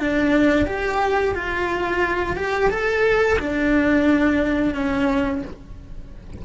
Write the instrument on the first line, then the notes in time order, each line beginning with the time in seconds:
cello
0.00 D4
0.67 G4
1.35 F4
2.37 G4
2.71 A4
3.40 D4
4.74 C#4